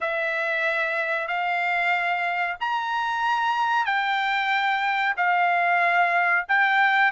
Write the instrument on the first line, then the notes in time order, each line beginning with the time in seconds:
trumpet
0.00 E5
1.27 F5
2.60 A#5
3.85 G5
5.16 F5
6.48 G5